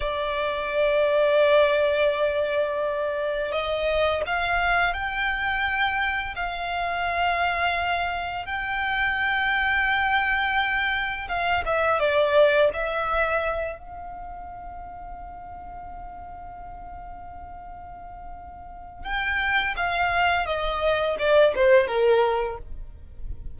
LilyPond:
\new Staff \with { instrumentName = "violin" } { \time 4/4 \tempo 4 = 85 d''1~ | d''4 dis''4 f''4 g''4~ | g''4 f''2. | g''1 |
f''8 e''8 d''4 e''4. f''8~ | f''1~ | f''2. g''4 | f''4 dis''4 d''8 c''8 ais'4 | }